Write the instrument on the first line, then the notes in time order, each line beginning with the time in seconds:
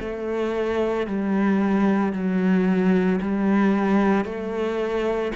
cello
0.00 A3
1.07 G3
2.12 F#3
3.21 G3
4.25 A3